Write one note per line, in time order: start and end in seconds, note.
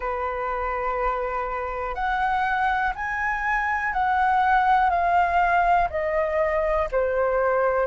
0.00 1.94 B4
1.94 2.93 F#5
2.95 3.93 G#5
3.93 4.90 F#5
4.90 5.88 F5
5.90 6.88 D#5
6.91 7.86 C5